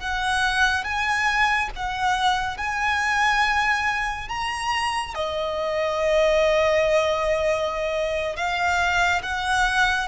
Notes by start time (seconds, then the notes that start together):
0.00 F#5
0.85 G#5
1.76 F#5
2.58 G#5
4.29 A#5
5.15 D#5
8.36 F5
9.23 F#5